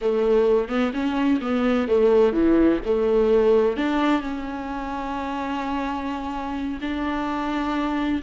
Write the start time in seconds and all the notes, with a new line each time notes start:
0.01 A3
0.68 B3
0.93 C#4
1.41 B3
1.87 A3
2.32 E3
2.85 A3
3.76 D4
4.21 C#4
6.81 D4